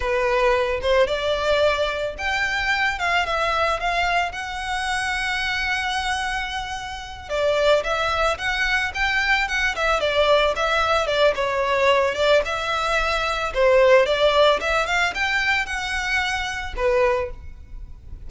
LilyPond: \new Staff \with { instrumentName = "violin" } { \time 4/4 \tempo 4 = 111 b'4. c''8 d''2 | g''4. f''8 e''4 f''4 | fis''1~ | fis''4. d''4 e''4 fis''8~ |
fis''8 g''4 fis''8 e''8 d''4 e''8~ | e''8 d''8 cis''4. d''8 e''4~ | e''4 c''4 d''4 e''8 f''8 | g''4 fis''2 b'4 | }